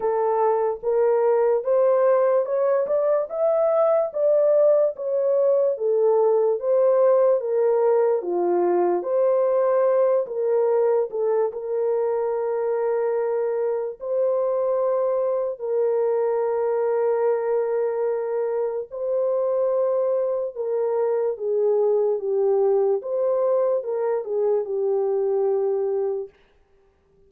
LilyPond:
\new Staff \with { instrumentName = "horn" } { \time 4/4 \tempo 4 = 73 a'4 ais'4 c''4 cis''8 d''8 | e''4 d''4 cis''4 a'4 | c''4 ais'4 f'4 c''4~ | c''8 ais'4 a'8 ais'2~ |
ais'4 c''2 ais'4~ | ais'2. c''4~ | c''4 ais'4 gis'4 g'4 | c''4 ais'8 gis'8 g'2 | }